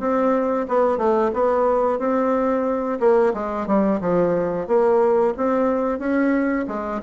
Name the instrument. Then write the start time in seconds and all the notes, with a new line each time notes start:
bassoon
0.00 C4
0.68 B3
0.98 A3
1.33 B3
1.99 C4
3.00 A#3
3.34 G#3
3.67 G3
4.01 F3
4.67 A#3
5.37 C4
5.99 C#4
6.68 G#3